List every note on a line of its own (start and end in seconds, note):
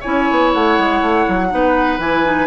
0.00 0.29 C#4
0.00 1.49 E4
0.00 1.46 C#5
0.00 0.51 G#5
0.30 0.54 B3
0.53 0.78 A3
0.53 1.99 F#5
0.78 1.01 G#3
1.01 1.25 A3
1.28 1.52 F#3
1.49 1.98 B3
1.49 1.98 D#4
1.49 2.46 B4
1.98 2.46 E3
1.98 2.24 E4
1.98 2.46 G#5
2.24 2.46 D#4